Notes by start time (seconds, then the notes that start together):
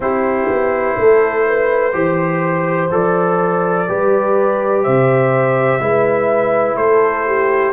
0.00 C4 E4 G4 C5
0.49 B3
0.98 A3 A4
1.47 B4
1.92 E3 G4 C5
2.91 F3 A4 D5
3.88 G3 G4 B4
4.83 C3 C5 E5
5.79 G#3 E4 B4
6.76 A3 A4 C5
7.26 G4